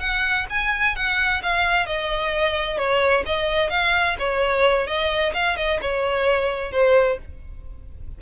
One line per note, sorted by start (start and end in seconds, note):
0.00 0.46 F#5
0.50 0.96 G#5
0.96 1.42 F#5
1.43 1.86 F5
1.86 2.78 D#5
2.78 3.24 C#5
3.26 3.70 D#5
3.70 4.16 F5
4.19 4.87 C#5
4.87 5.33 D#5
5.34 5.57 F5
5.57 5.80 D#5
5.81 6.72 C#5
6.72 7.18 C5